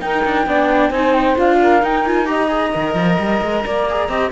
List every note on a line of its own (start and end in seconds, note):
0.00 0.46 D#4
0.00 0.24 D#4
0.00 0.46 A#4
0.00 0.91 G5
0.25 0.46 D4
0.46 0.90 B3
0.46 0.92 D4
0.46 0.90 D5
0.90 1.35 C4
0.90 1.35 D#4
0.90 1.58 C5
0.90 1.13 G#5
1.13 1.36 G5
1.35 1.82 D4
1.35 1.81 F4
1.35 1.84 F5
1.61 2.29 A#4
1.82 2.05 D#4
1.82 2.73 D#4
1.82 2.06 G5
2.05 2.25 F4
2.05 2.26 G#5
2.25 2.48 G4
2.25 3.64 D#5
2.25 4.30 A#5
2.48 2.70 G#4
2.73 2.94 D#3
2.73 3.86 A#4
2.94 3.17 F3
3.18 3.41 G3
3.41 3.64 G#3
3.64 4.08 A#3
3.64 4.09 D5
3.89 4.09 G#4
4.08 4.31 C4
4.08 4.31 G4
4.08 4.31 D#5